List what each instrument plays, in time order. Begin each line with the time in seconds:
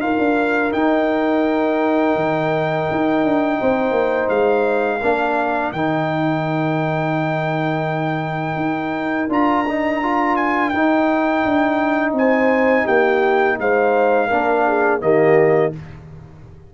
0.00 tuba D#4, trombone F4, horn A#4, trumpet F5
0.19 tuba D4
0.72 trombone D#4, tuba D#4, trumpet G5
2.16 tuba D#3
2.91 tuba D#4
3.24 tuba D4
3.61 tuba C4, horn C5
3.91 tuba A#3
4.29 tuba G#3, trumpet F5
5.00 tuba A#3, trombone D4, horn A#4
5.72 tuba D#3, trombone D#4, trumpet G5
8.56 tuba D#4
9.29 tuba D4, trombone F4, trumpet A#5
9.68 trombone D#4
10.03 trombone F4
10.37 trumpet G#5
10.69 tuba D#4, trombone D#4, trumpet G5
11.45 tuba D4
12.13 tuba C4, horn C5, trumpet G#5
12.85 tuba A#3, horn G4, trumpet G5
13.59 tuba G#3, horn C5, trumpet F5
14.28 tuba A#3, trombone D4, horn A#4
14.67 horn G#4
15.01 tuba D#3, trombone A#3, horn G4, trumpet D#5